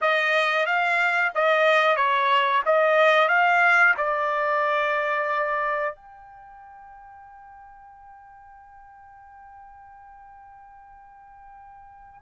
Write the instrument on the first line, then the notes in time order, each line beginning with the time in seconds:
trumpet
0.01 D#5
0.66 F5
1.35 D#5
1.96 C#5
2.65 D#5
3.28 F5
3.97 D5
5.95 G5